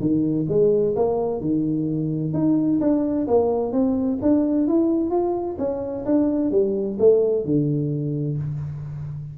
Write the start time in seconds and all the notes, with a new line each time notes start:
0.00 D#3
0.48 G#3
0.96 A#3
1.40 D#3
2.33 D#4
2.81 D4
3.27 A#3
3.72 C4
4.22 D4
4.67 E4
5.10 F4
5.58 C#4
6.05 D4
6.51 G3
6.99 A3
7.45 D3